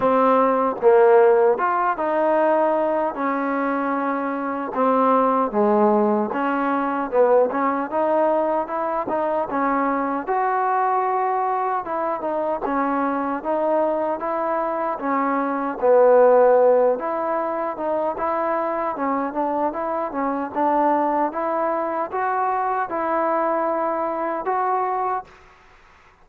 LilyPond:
\new Staff \with { instrumentName = "trombone" } { \time 4/4 \tempo 4 = 76 c'4 ais4 f'8 dis'4. | cis'2 c'4 gis4 | cis'4 b8 cis'8 dis'4 e'8 dis'8 | cis'4 fis'2 e'8 dis'8 |
cis'4 dis'4 e'4 cis'4 | b4. e'4 dis'8 e'4 | cis'8 d'8 e'8 cis'8 d'4 e'4 | fis'4 e'2 fis'4 | }